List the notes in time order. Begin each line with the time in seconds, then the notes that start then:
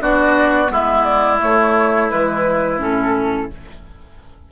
0.00 B3 D4 F#4 D5
0.67 G#3 B3 E4 E5
1.04 D5
1.39 A3 C#5
2.10 E3 G#3 B4
2.79 A2 C#4 A4